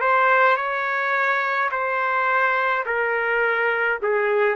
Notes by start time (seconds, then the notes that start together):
0.00 C5
0.56 C#5
1.71 C5
2.86 A#4
4.02 G#4